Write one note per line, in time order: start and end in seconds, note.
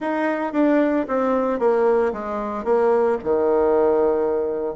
0.00 0.52 D#4
0.52 1.05 D4
1.08 1.59 C4
1.59 2.12 A#3
2.12 2.64 G#3
2.64 3.17 A#3
3.23 4.75 D#3